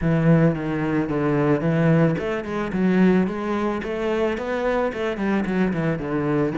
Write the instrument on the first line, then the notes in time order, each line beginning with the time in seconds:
cello
0.01 E3
0.55 D#3
1.09 D3
1.60 E3
2.18 A3
2.44 G#3
2.72 F#3
3.27 G#3
3.83 A3
4.37 B3
4.93 A3
5.17 G3
5.45 F#3
5.73 E3
5.99 D3